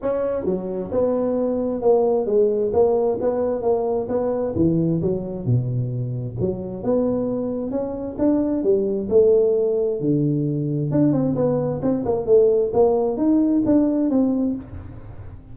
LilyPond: \new Staff \with { instrumentName = "tuba" } { \time 4/4 \tempo 4 = 132 cis'4 fis4 b2 | ais4 gis4 ais4 b4 | ais4 b4 e4 fis4 | b,2 fis4 b4~ |
b4 cis'4 d'4 g4 | a2 d2 | d'8 c'8 b4 c'8 ais8 a4 | ais4 dis'4 d'4 c'4 | }